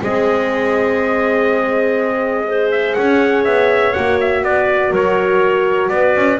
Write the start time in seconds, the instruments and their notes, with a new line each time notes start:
0.00 double bass G#3, horn C4, clarinet G#4, trumpet D#5
2.47 horn G#4, clarinet C5
2.71 trumpet E5
2.93 double bass C#4, clarinet C#5, trumpet F#5
3.44 double bass B3, trumpet E5
3.93 double bass A#3, horn F#4, trumpet F#5
4.20 trumpet E5
4.42 double bass B3, clarinet B4, trumpet D5
4.90 double bass F#3, clarinet A#4, trumpet C#5
5.89 double bass B3, clarinet B4, trumpet D5
6.15 double bass C#4